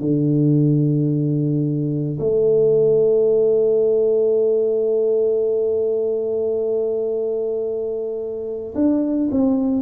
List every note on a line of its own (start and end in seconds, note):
0.00 2.18 D3
2.19 8.74 A3
8.75 9.29 D4
9.31 9.82 C4